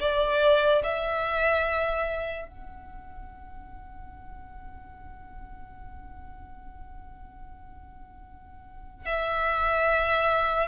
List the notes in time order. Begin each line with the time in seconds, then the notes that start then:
0.00 D5
0.84 E5
2.48 F#5
9.06 E5